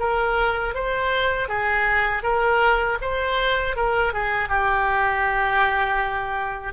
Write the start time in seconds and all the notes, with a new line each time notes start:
0.00 A#4
0.75 C5
1.49 G#4
2.23 A#4
3.02 C5
3.76 A#4
4.14 G#4
4.49 G4